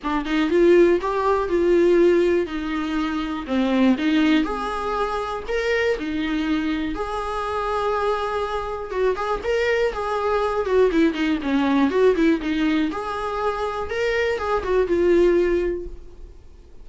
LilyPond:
\new Staff \with { instrumentName = "viola" } { \time 4/4 \tempo 4 = 121 d'8 dis'8 f'4 g'4 f'4~ | f'4 dis'2 c'4 | dis'4 gis'2 ais'4 | dis'2 gis'2~ |
gis'2 fis'8 gis'8 ais'4 | gis'4. fis'8 e'8 dis'8 cis'4 | fis'8 e'8 dis'4 gis'2 | ais'4 gis'8 fis'8 f'2 | }